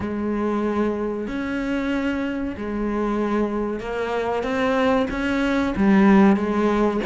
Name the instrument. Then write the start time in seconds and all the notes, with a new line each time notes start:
cello
0.00 G#3
1.27 C#4
2.57 G#3
3.80 A#3
4.43 C4
5.10 C#4
5.76 G3
6.36 G#3